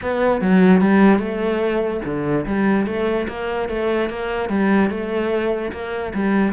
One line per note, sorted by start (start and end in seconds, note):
0.01 0.41 B3
0.41 0.81 F#3
0.81 1.18 G3
1.18 2.00 A3
2.04 2.45 D3
2.46 2.86 G3
2.86 3.27 A3
3.28 3.68 A#3
3.68 4.09 A3
4.09 4.49 A#3
4.49 4.90 G3
4.90 5.71 A3
5.71 6.12 A#3
6.13 6.53 G3